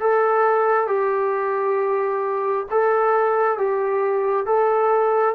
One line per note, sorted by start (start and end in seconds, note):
0.00 0.87 A4
0.87 2.66 G4
2.70 3.58 A4
3.58 4.46 G4
4.46 5.35 A4